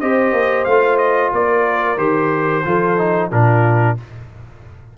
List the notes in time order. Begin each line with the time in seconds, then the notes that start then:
0.00 C4 G4 C5 D#5
0.33 A#3
0.64 A3 F4 F5
0.98 D#5
1.33 A#3 A#4 D5
1.98 D#3 G4 C5
2.65 F3 F4 A4
2.98 D#4
3.30 A#2 D4 F4 A#4